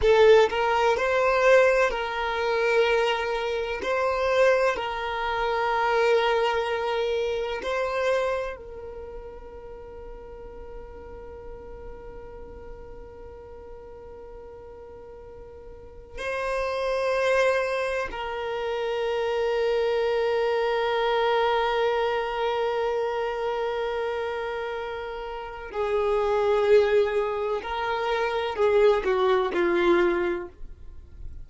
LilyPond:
\new Staff \with { instrumentName = "violin" } { \time 4/4 \tempo 4 = 63 a'8 ais'8 c''4 ais'2 | c''4 ais'2. | c''4 ais'2.~ | ais'1~ |
ais'4 c''2 ais'4~ | ais'1~ | ais'2. gis'4~ | gis'4 ais'4 gis'8 fis'8 f'4 | }